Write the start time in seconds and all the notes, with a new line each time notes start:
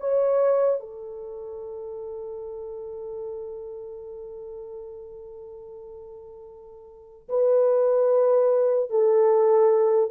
0.00 C#5
0.80 A4
7.29 B4
8.90 A4